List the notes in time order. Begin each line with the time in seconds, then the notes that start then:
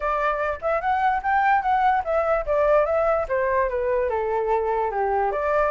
0.00 D5
0.61 E5
0.81 F#5
1.22 G5
1.62 F#5
2.04 E5
2.46 D5
2.85 E5
3.28 C5
3.69 B4
4.09 A4
4.90 G4
5.31 D5